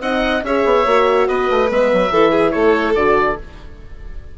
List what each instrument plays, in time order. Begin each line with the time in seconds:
0.00 bassoon C4, horn D#4, violin D#5, oboe F#5
0.42 bassoon C#4, horn G#4, violin C#5, oboe E5
0.64 bassoon B3
0.85 bassoon A#3, horn F#4
1.28 bassoon B3, violin B4, oboe D#5
1.50 bassoon A3
1.69 bassoon G#3, horn B3, oboe E5
1.92 bassoon F#3
2.11 bassoon E3, horn E4, violin A4
2.31 violin G#4
2.51 bassoon A3, violin A4, oboe C#5
2.95 bassoon D3, horn F#4, oboe D5